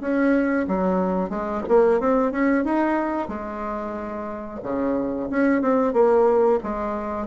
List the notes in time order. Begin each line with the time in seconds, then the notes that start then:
0.00 C#4
0.67 F#3
1.29 G#3
1.68 A#3
2.00 C4
2.31 C#4
2.64 D#4
3.28 G#3
4.63 C#3
5.30 C#4
5.61 C4
5.93 A#3
6.63 G#3